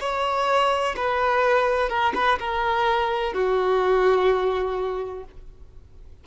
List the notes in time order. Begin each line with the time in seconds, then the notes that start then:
0.00 C#5
0.96 B4
1.89 A#4
2.15 B4
2.39 A#4
3.33 F#4